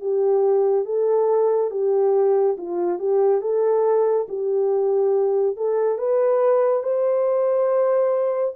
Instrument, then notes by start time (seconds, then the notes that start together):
horn
0.00 G4
0.85 A4
1.70 G4
2.57 F4
2.99 G4
3.41 A4
4.28 G4
5.56 A4
5.98 B4
6.83 C5